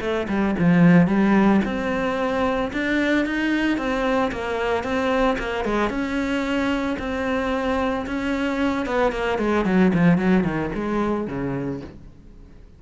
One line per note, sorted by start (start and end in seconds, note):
0.00 0.27 A3
0.28 0.55 G3
0.58 1.07 F3
1.07 1.60 G3
1.64 2.71 C4
2.72 3.25 D4
3.25 3.77 D#4
3.77 4.31 C4
4.31 4.83 A#3
4.83 5.37 C4
5.38 5.64 A#3
5.64 5.89 G#3
5.89 6.96 C#4
6.98 8.06 C4
8.06 8.85 C#4
8.85 9.12 B3
9.12 9.38 A#3
9.38 9.65 G#3
9.65 9.92 F#3
9.94 10.17 F3
10.17 10.44 F#3
10.44 10.70 D#3
10.75 11.27 G#3
11.27 11.81 C#3